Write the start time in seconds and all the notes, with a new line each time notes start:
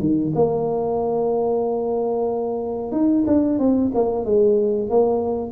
0.00 D#3
0.35 A#3
2.92 D#4
3.27 D4
3.59 C4
3.95 A#3
4.25 G#3
4.90 A#3